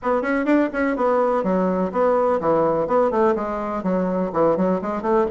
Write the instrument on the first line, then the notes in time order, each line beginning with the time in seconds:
bassoon
0.02 B3
0.21 C#4
0.45 D4
0.72 C#4
0.96 B3
1.43 F#3
1.92 B3
2.40 E3
2.87 B3
3.10 A3
3.35 G#3
3.83 F#3
4.32 E3
4.56 F#3
4.81 G#3
5.02 A3